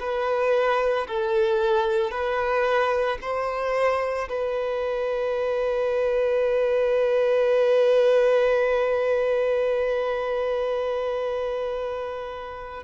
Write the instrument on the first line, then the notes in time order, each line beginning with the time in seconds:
violin
0.00 B4
1.08 A4
2.11 B4
3.21 C5
4.30 B4